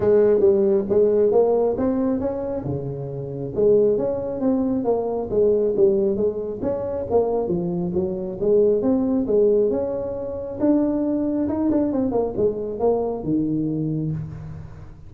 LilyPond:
\new Staff \with { instrumentName = "tuba" } { \time 4/4 \tempo 4 = 136 gis4 g4 gis4 ais4 | c'4 cis'4 cis2 | gis4 cis'4 c'4 ais4 | gis4 g4 gis4 cis'4 |
ais4 f4 fis4 gis4 | c'4 gis4 cis'2 | d'2 dis'8 d'8 c'8 ais8 | gis4 ais4 dis2 | }